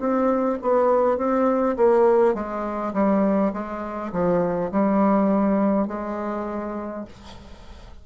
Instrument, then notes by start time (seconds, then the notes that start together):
bassoon
0.00 C4
0.62 B3
1.18 C4
1.77 A#3
2.34 G#3
2.94 G3
3.53 G#3
4.12 F3
4.72 G3
5.88 G#3